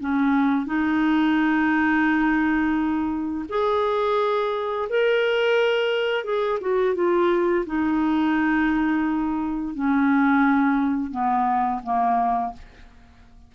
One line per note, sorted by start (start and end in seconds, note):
0.00 0.66 C#4
0.66 3.45 D#4
3.49 4.88 G#4
4.89 6.24 A#4
6.24 6.59 G#4
6.61 6.95 F#4
6.95 7.65 F4
7.66 9.75 D#4
9.75 11.11 C#4
11.11 11.81 B3
11.83 12.53 A#3